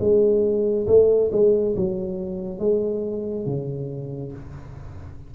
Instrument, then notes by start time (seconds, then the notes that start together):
tuba
0.00 G#3
0.87 A3
1.32 G#3
1.77 F#3
2.60 G#3
3.46 C#3